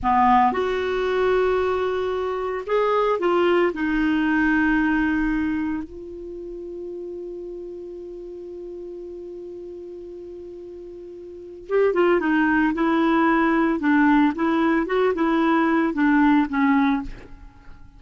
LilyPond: \new Staff \with { instrumentName = "clarinet" } { \time 4/4 \tempo 4 = 113 b4 fis'2.~ | fis'4 gis'4 f'4 dis'4~ | dis'2. f'4~ | f'1~ |
f'1~ | f'2 g'8 f'8 dis'4 | e'2 d'4 e'4 | fis'8 e'4. d'4 cis'4 | }